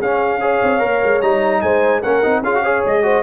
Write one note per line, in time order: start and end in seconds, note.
0.00 0.62 C#4
0.00 0.41 C#4
0.00 0.40 G#4
0.00 1.22 F5
0.41 0.79 G#4
0.41 1.62 C#5
0.63 0.82 C4
0.79 1.02 A#3
0.79 1.20 A#4
1.03 1.21 G#3
1.21 1.62 G3
1.21 2.03 D#4
1.21 1.61 A#5
1.61 2.03 G#3
1.61 2.01 C5
1.61 2.02 G#5
2.01 2.24 A#3
2.01 2.23 C#4
2.01 2.42 A#4
2.01 2.43 F#5
2.23 2.43 C4
2.23 2.43 D#4
2.43 2.83 C#4
2.43 2.55 F4
2.43 2.63 G#4
2.43 2.84 F5
2.55 2.64 F#4
2.63 3.03 G#4
2.63 3.03 C#5
2.85 3.23 G#3
2.85 3.23 D#5
3.03 3.23 F#4
3.03 3.23 C5